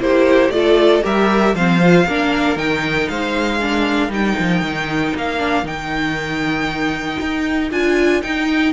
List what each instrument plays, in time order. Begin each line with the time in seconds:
0.00 cello A#3, viola E4, violin G4 C5
0.50 cello A3, viola F4, violin A4 D5
1.03 cello G3, viola G4, violin A#4 E5
1.54 cello F3, viola C4, violin C5 F5
1.81 viola F4
2.06 cello A#3, viola D4, violin A#4
2.56 cello D#3, viola D#4, violin G5
3.09 cello G#3, violin C5 F5
3.61 viola D4, violin A#4
4.09 cello G3, viola D#4, violin G5
4.40 cello F3
4.62 cello D#3
5.15 cello A#3, violin F5
5.38 viola D4
5.64 cello D#3, viola D#4, violin G5
7.21 cello D#4
7.71 cello D4, viola F4, violin G#5
8.22 viola D#4, cello D#4, violin G5